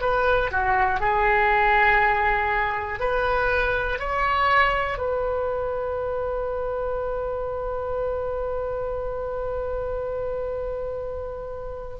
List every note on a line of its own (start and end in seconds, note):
0.00 0.50 B4
0.51 1.00 F#4
1.00 2.99 G#4
2.99 3.99 B4
3.99 4.98 C#5
4.98 11.98 B4